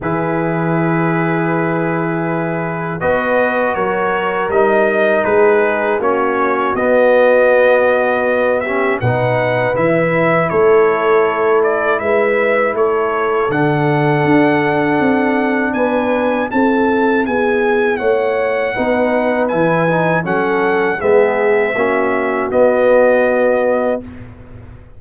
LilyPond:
<<
  \new Staff \with { instrumentName = "trumpet" } { \time 4/4 \tempo 4 = 80 b'1 | dis''4 cis''4 dis''4 b'4 | cis''4 dis''2~ dis''8 e''8 | fis''4 e''4 cis''4. d''8 |
e''4 cis''4 fis''2~ | fis''4 gis''4 a''4 gis''4 | fis''2 gis''4 fis''4 | e''2 dis''2 | }
  \new Staff \with { instrumentName = "horn" } { \time 4/4 gis'1 | b'4 ais'2 gis'4 | fis'2.~ fis'8 g'8 | b'2 a'2 |
b'4 a'2.~ | a'4 b'4 a'4 gis'4 | cis''4 b'2 a'4 | gis'4 fis'2. | }
  \new Staff \with { instrumentName = "trombone" } { \time 4/4 e'1 | fis'2 dis'2 | cis'4 b2~ b8 cis'8 | dis'4 e'2.~ |
e'2 d'2~ | d'2 e'2~ | e'4 dis'4 e'8 dis'8 cis'4 | b4 cis'4 b2 | }
  \new Staff \with { instrumentName = "tuba" } { \time 4/4 e1 | b4 fis4 g4 gis4 | ais4 b2. | b,4 e4 a2 |
gis4 a4 d4 d'4 | c'4 b4 c'4 b4 | a4 b4 e4 fis4 | gis4 ais4 b2 | }
>>